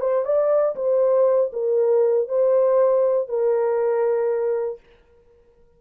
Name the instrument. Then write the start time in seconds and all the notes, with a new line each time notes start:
horn
0.00 C5
0.25 D5
0.76 C5
1.53 A#4
2.28 C5
3.29 A#4